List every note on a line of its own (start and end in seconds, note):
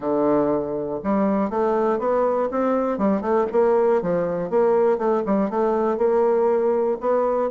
0.00 0.99 D3
1.03 1.50 G3
1.50 1.98 A3
1.98 2.48 B3
2.51 2.97 C4
2.97 3.21 G3
3.21 3.46 A3
3.52 4.01 A#3
4.01 4.50 F3
4.50 4.97 A#3
4.97 5.22 A3
5.26 5.50 G3
5.50 5.97 A3
5.97 6.97 A#3
7.00 7.50 B3